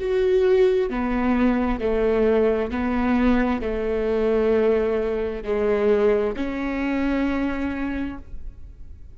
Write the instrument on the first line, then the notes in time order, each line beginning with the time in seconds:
viola
0.00 F#4
0.90 B3
1.80 A3
2.71 B3
3.62 A3
5.44 G#3
6.36 C#4